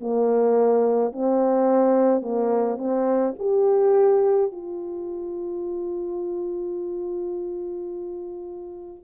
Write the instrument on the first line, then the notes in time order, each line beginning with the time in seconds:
horn
0.00 A#3
1.12 C4
2.22 A#3
2.77 C4
3.38 G4
4.52 F4